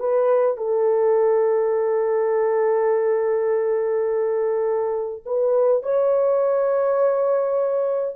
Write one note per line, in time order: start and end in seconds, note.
0.00 0.57 B4
0.57 5.23 A4
5.26 5.83 B4
5.83 8.16 C#5